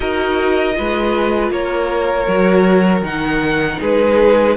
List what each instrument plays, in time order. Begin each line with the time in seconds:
0.00 cello D#4, viola F#4, violin A#4 D#5
0.73 cello G#3, viola F4, violin B4
1.50 cello A#3, violin A#4 C#5
2.27 cello F#3, viola F#4
3.01 cello D#3, viola D#4, violin F#5
3.79 cello G#3, violin G#4 B4